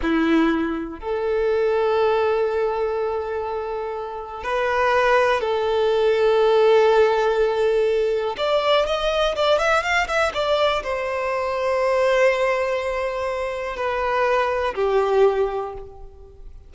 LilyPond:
\new Staff \with { instrumentName = "violin" } { \time 4/4 \tempo 4 = 122 e'2 a'2~ | a'1~ | a'4 b'2 a'4~ | a'1~ |
a'4 d''4 dis''4 d''8 e''8 | f''8 e''8 d''4 c''2~ | c''1 | b'2 g'2 | }